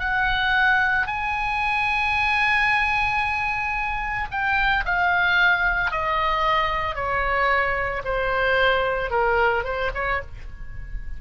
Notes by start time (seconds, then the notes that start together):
0.00 F#5
1.07 G#5
4.31 G5
4.86 F5
5.91 D#5
6.95 C#5
8.05 C5
9.11 A#4
9.64 C5
9.95 C#5